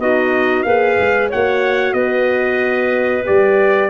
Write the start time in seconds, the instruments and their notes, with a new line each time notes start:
0.00 tuba B3, horn D#4, clarinet F#4, trumpet D#5
0.63 tuba A#3, horn G#4, clarinet B4, trumpet F5
1.00 tuba G#3
1.29 tuba A#3, horn F#4, clarinet C#5, trumpet F#5
1.93 tuba B3, clarinet B4, trumpet D#5
3.25 tuba G3, horn G4, trumpet D5